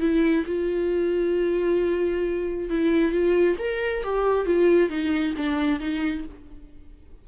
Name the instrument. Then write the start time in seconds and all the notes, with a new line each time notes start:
viola
0.00 E4
0.47 F4
2.70 E4
3.12 F4
3.59 A#4
4.04 G4
4.46 F4
4.90 D#4
5.37 D4
5.80 D#4